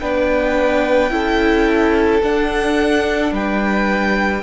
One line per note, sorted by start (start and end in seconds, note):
0.00 1.11 B3
0.00 1.10 D4
0.00 1.13 B4
0.00 2.22 G5
1.10 2.22 C#4
1.10 2.22 E4
1.10 3.33 A4
2.22 4.43 D4
2.22 3.32 D4
2.22 3.34 F#5
3.32 4.43 G3
3.32 4.43 B4
3.32 4.43 G5